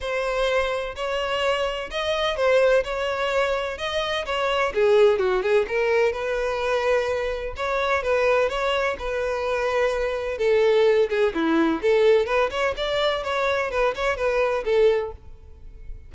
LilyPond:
\new Staff \with { instrumentName = "violin" } { \time 4/4 \tempo 4 = 127 c''2 cis''2 | dis''4 c''4 cis''2 | dis''4 cis''4 gis'4 fis'8 gis'8 | ais'4 b'2. |
cis''4 b'4 cis''4 b'4~ | b'2 a'4. gis'8 | e'4 a'4 b'8 cis''8 d''4 | cis''4 b'8 cis''8 b'4 a'4 | }